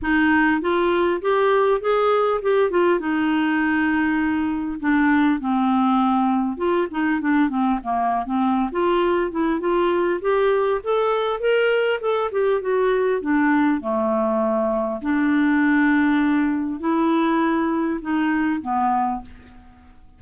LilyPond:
\new Staff \with { instrumentName = "clarinet" } { \time 4/4 \tempo 4 = 100 dis'4 f'4 g'4 gis'4 | g'8 f'8 dis'2. | d'4 c'2 f'8 dis'8 | d'8 c'8 ais8. c'8. f'4 e'8 |
f'4 g'4 a'4 ais'4 | a'8 g'8 fis'4 d'4 a4~ | a4 d'2. | e'2 dis'4 b4 | }